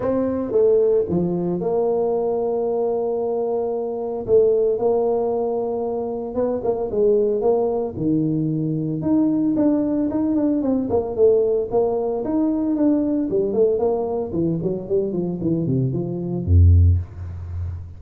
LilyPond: \new Staff \with { instrumentName = "tuba" } { \time 4/4 \tempo 4 = 113 c'4 a4 f4 ais4~ | ais1 | a4 ais2. | b8 ais8 gis4 ais4 dis4~ |
dis4 dis'4 d'4 dis'8 d'8 | c'8 ais8 a4 ais4 dis'4 | d'4 g8 a8 ais4 e8 fis8 | g8 f8 e8 c8 f4 f,4 | }